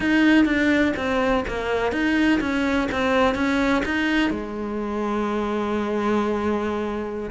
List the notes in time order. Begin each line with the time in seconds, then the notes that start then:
0.00 D#4
0.45 D4
0.96 C4
1.48 A#3
1.92 D#4
2.40 C#4
2.91 C4
3.34 C#4
3.85 D#4
4.30 G#3